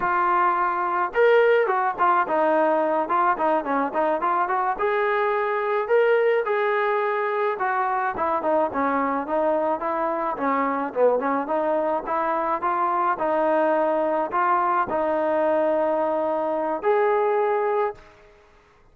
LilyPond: \new Staff \with { instrumentName = "trombone" } { \time 4/4 \tempo 4 = 107 f'2 ais'4 fis'8 f'8 | dis'4. f'8 dis'8 cis'8 dis'8 f'8 | fis'8 gis'2 ais'4 gis'8~ | gis'4. fis'4 e'8 dis'8 cis'8~ |
cis'8 dis'4 e'4 cis'4 b8 | cis'8 dis'4 e'4 f'4 dis'8~ | dis'4. f'4 dis'4.~ | dis'2 gis'2 | }